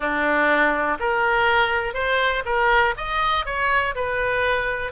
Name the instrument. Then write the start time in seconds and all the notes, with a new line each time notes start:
oboe
0.00 D4
0.99 A#4
1.94 C5
2.45 A#4
2.97 D#5
3.45 C#5
3.95 B4